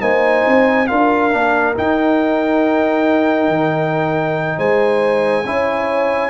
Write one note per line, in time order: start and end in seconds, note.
0.00 0.45 A#3
0.00 0.87 D#4
0.00 0.87 C5
0.00 0.87 G#5
0.47 0.90 C4
0.87 1.33 D4
0.87 1.31 F4
0.87 4.57 A#4
0.87 1.74 F5
1.31 1.77 A#3
1.31 1.74 D4
1.75 5.44 D#4
1.75 3.47 D#4
1.75 4.59 G5
3.47 4.56 D#3
4.57 5.45 G#3
4.57 5.44 C5
4.57 6.30 G#5
5.45 6.30 C#4
5.45 6.30 E4
5.45 6.30 C#5